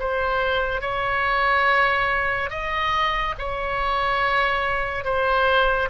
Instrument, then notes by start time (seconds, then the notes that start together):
oboe
0.00 C5
0.81 C#5
2.50 D#5
3.38 C#5
5.05 C5